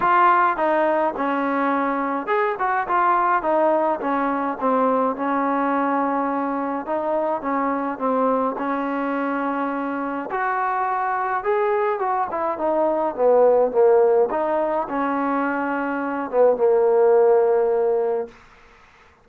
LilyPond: \new Staff \with { instrumentName = "trombone" } { \time 4/4 \tempo 4 = 105 f'4 dis'4 cis'2 | gis'8 fis'8 f'4 dis'4 cis'4 | c'4 cis'2. | dis'4 cis'4 c'4 cis'4~ |
cis'2 fis'2 | gis'4 fis'8 e'8 dis'4 b4 | ais4 dis'4 cis'2~ | cis'8 b8 ais2. | }